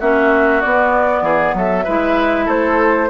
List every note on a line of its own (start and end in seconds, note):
0.00 0.63 A#3
0.00 0.63 C#4
0.00 1.23 F#4
0.00 0.61 E5
0.61 1.86 B3
0.61 1.22 B3
0.61 1.55 D5
1.22 1.53 E3
1.22 1.55 G#4
1.54 1.85 F#3
1.54 1.84 A4
1.54 2.49 E5
1.84 2.47 G#3
1.84 3.10 E4
1.84 2.45 B4
2.45 3.10 A3
2.45 3.08 A4
2.45 3.10 C5